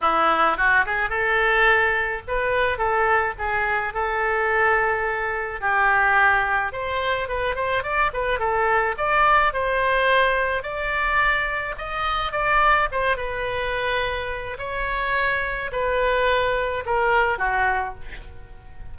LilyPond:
\new Staff \with { instrumentName = "oboe" } { \time 4/4 \tempo 4 = 107 e'4 fis'8 gis'8 a'2 | b'4 a'4 gis'4 a'4~ | a'2 g'2 | c''4 b'8 c''8 d''8 b'8 a'4 |
d''4 c''2 d''4~ | d''4 dis''4 d''4 c''8 b'8~ | b'2 cis''2 | b'2 ais'4 fis'4 | }